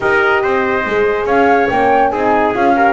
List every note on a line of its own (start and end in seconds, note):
0.00 0.43 D#4
0.00 0.85 G4
0.00 0.42 A#4
0.00 1.25 D#5
0.42 0.85 C4
0.42 1.26 C5
0.85 1.25 G#3
0.85 1.71 G#4
1.25 1.67 C#4
1.25 2.11 C#5
1.25 1.68 F5
1.69 2.11 A#3
1.69 2.12 C#4
1.69 2.10 G5
2.10 2.54 C4
2.10 2.54 D#4
2.10 2.75 G#4
2.10 2.52 G#5
2.54 2.93 C#4
2.54 2.75 F4
2.54 2.93 F5
2.75 2.93 G4
2.75 2.93 A#4